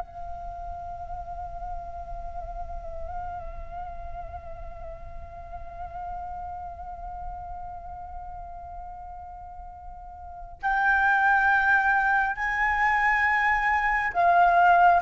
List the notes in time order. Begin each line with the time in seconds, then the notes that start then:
0.00 F5
10.63 G5
12.36 G#5
14.14 F5